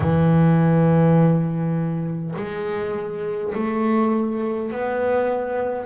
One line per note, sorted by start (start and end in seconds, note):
0.00 2.34 E3
2.35 3.53 G#3
3.54 4.71 A3
4.71 5.86 B3